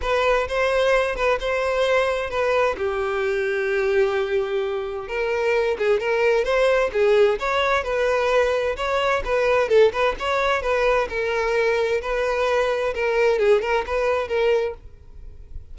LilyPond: \new Staff \with { instrumentName = "violin" } { \time 4/4 \tempo 4 = 130 b'4 c''4. b'8 c''4~ | c''4 b'4 g'2~ | g'2. ais'4~ | ais'8 gis'8 ais'4 c''4 gis'4 |
cis''4 b'2 cis''4 | b'4 a'8 b'8 cis''4 b'4 | ais'2 b'2 | ais'4 gis'8 ais'8 b'4 ais'4 | }